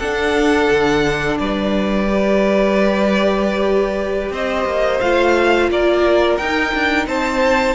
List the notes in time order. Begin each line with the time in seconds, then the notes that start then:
0.00 D4 A4 F#5
0.71 D3
1.39 G3 B4 D5
2.09 G4
4.31 C4 C5 D#5
4.65 A#3
5.01 A3 F4 F5
5.70 A#3 A#4 D5
6.38 D#4 G5
6.75 D4
7.07 C4 C5 A5